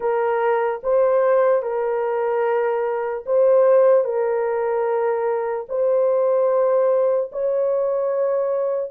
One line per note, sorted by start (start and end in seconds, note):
0.00 0.80 A#4
0.83 1.62 C5
1.62 3.24 A#4
3.26 4.04 C5
4.04 5.66 A#4
5.68 7.30 C5
7.32 8.90 C#5